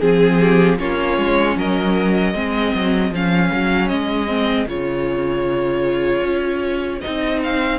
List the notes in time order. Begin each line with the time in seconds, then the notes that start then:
0.00 F3 C4 G#4
0.40 G4
0.78 A#3 C#4 F4 C#5
1.18 G#3
1.56 F#3 A#4 D#5
2.34 G#3 C4 G#4
2.74 F#3
3.11 F3 C#4 F5
3.52 F#3
3.88 G#3 D#5
4.28 C4
4.67 C#3 F4 C#5
6.22 C#4
7.01 C4 D#4 D#5
7.43 F5